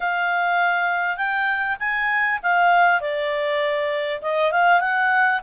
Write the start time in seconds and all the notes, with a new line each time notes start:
0.00 F5
1.16 G5
1.79 G#5
2.42 F5
3.00 D5
4.21 D#5
4.51 F5
4.80 F#5